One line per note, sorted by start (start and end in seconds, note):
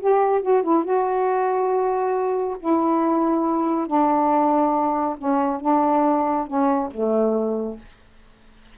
0.00 0.42 G4
0.42 0.63 F#4
0.63 0.84 E4
0.84 2.57 F#4
2.60 3.87 E4
3.87 5.17 D4
5.18 5.61 C#4
5.61 6.47 D4
6.47 6.90 C#4
6.91 7.78 A3